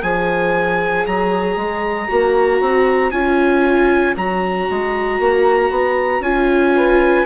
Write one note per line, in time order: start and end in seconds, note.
0.00 1.06 F3
0.00 2.07 G#4
0.00 6.72 C#5
0.00 1.06 G#5
1.06 1.56 F#3
1.06 3.11 A#5
1.56 2.08 G#3
2.07 2.60 A#3
2.07 3.11 F#4
2.60 3.12 C4
3.11 4.15 C#4
3.11 4.15 F4
3.11 4.14 G#5
4.16 4.68 F#3
4.16 6.23 F#4
4.16 6.22 A#5
4.69 5.19 G#3
5.19 5.70 A#3
5.70 6.20 B3
6.20 7.23 C#4
6.20 7.25 F4
6.20 7.25 G#5
6.75 7.25 B4